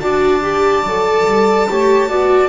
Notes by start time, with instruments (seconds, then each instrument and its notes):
0.00 double bass D4, viola F#4, saxophone D5, violin A5
0.43 viola G4
0.83 double bass F#3, viola A4
1.26 double bass G3
1.70 double bass A3, viola G4, saxophone C#5
2.09 double bass B3, viola F#4, saxophone D5